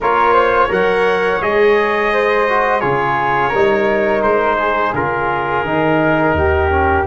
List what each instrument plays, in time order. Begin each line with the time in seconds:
0.00 tuba A#3, trombone F4, flute A#4, trumpet C#5
0.32 flute C5
0.68 tuba F#3, trombone A#4, flute C#5, trumpet F#5
1.41 tuba G#3, trombone G#4, trumpet D#5
2.13 flute C5
2.48 trombone F#4
2.80 tuba C#3, trombone F4, flute G#4, trumpet C#5
3.49 tuba G3, trombone D#4, flute A#4
4.22 tuba G#3, trumpet C5
4.58 flute G#4
4.93 tuba C#3, trombone F4, trumpet A#4
5.63 tuba D#3, trombone D#4
6.33 tuba D#2, flute G4
6.69 trombone C#4